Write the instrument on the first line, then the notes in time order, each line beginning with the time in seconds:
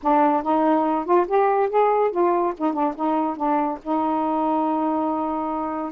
saxophone
0.02 D4
0.42 D#4
1.05 F4
1.27 G4
1.69 G#4
2.11 F4
2.57 D#4
2.73 D4
2.95 D#4
3.36 D4
3.82 D#4